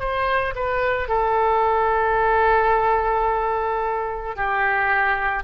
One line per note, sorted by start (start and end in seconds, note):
0.00 0.55 C5
0.56 1.09 B4
1.09 4.36 A4
4.36 5.44 G4